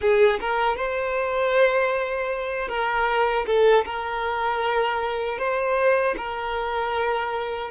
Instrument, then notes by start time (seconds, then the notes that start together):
violin
0.01 G#4
0.40 A#4
0.76 C5
2.68 A#4
3.46 A4
3.85 A#4
5.38 C5
6.17 A#4